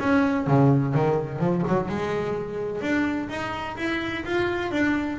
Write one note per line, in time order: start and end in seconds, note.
0.00 0.47 C#4
0.47 0.94 C#3
0.95 1.40 D#3
1.40 1.63 F3
1.68 1.89 F#3
1.89 2.81 G#3
2.81 3.29 D4
3.29 3.77 D#4
3.78 4.25 E4
4.26 4.72 F4
4.72 5.19 D4